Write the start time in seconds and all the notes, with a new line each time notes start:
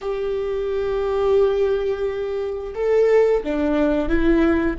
0.01 G4
2.75 A4
3.43 D4
4.08 E4